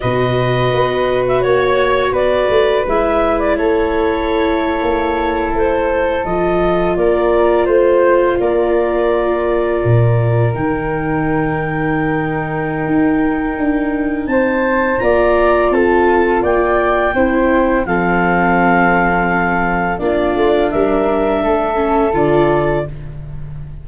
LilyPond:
<<
  \new Staff \with { instrumentName = "clarinet" } { \time 4/4 \tempo 4 = 84 dis''4.~ dis''16 e''16 cis''4 d''4 | e''8. d''16 cis''2~ cis''8. c''16~ | c''8. dis''4 d''4 c''4 d''16~ | d''2~ d''8. g''4~ g''16~ |
g''1 | a''4 ais''4 a''4 g''4~ | g''4 f''2. | d''4 e''2 d''4 | }
  \new Staff \with { instrumentName = "flute" } { \time 4/4 b'2 cis''4 b'4~ | b'4 a'2.~ | a'4.~ a'16 ais'4 c''4 ais'16~ | ais'1~ |
ais'1 | c''4 d''4 a'4 d''4 | c''4 a'2. | f'4 ais'4 a'2 | }
  \new Staff \with { instrumentName = "viola" } { \time 4/4 fis'1 | e'1~ | e'8. f'2.~ f'16~ | f'2~ f'8. dis'4~ dis'16~ |
dis'1~ | dis'4 f'2. | e'4 c'2. | d'2~ d'8 cis'8 f'4 | }
  \new Staff \with { instrumentName = "tuba" } { \time 4/4 b,4 b4 ais4 b8 a8 | gis4 a4.~ a16 ais4 a16~ | a8. f4 ais4 a4 ais16~ | ais4.~ ais16 ais,4 dis4~ dis16~ |
dis2 dis'4 d'4 | c'4 ais4 c'4 ais4 | c'4 f2. | ais8 a8 g4 a4 d4 | }
>>